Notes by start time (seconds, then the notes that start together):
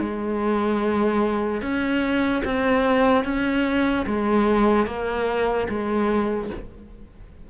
0.00 G#3
1.61 C#4
2.44 C4
3.24 C#4
4.06 G#3
4.86 A#3
5.69 G#3